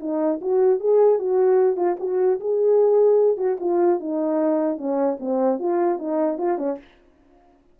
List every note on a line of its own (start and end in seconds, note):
0.00 0.40 D#4
0.41 0.80 F#4
0.80 1.19 G#4
1.19 1.77 F#4
1.77 1.97 F4
1.99 2.39 F#4
2.40 3.37 G#4
3.37 3.57 F#4
3.60 4.00 F4
4.00 4.77 D#4
4.77 5.17 C#4
5.19 5.59 C4
5.59 5.99 F4
5.99 6.38 D#4
6.38 6.58 F4
6.58 6.78 C#4